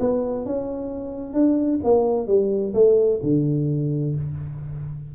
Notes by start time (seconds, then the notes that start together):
0.00 B3
0.45 C#4
1.33 D4
1.84 A#3
2.27 G3
2.74 A3
3.23 D3